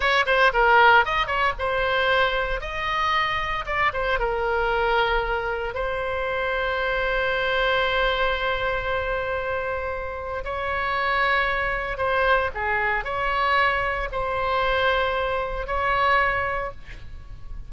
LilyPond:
\new Staff \with { instrumentName = "oboe" } { \time 4/4 \tempo 4 = 115 cis''8 c''8 ais'4 dis''8 cis''8 c''4~ | c''4 dis''2 d''8 c''8 | ais'2. c''4~ | c''1~ |
c''1 | cis''2. c''4 | gis'4 cis''2 c''4~ | c''2 cis''2 | }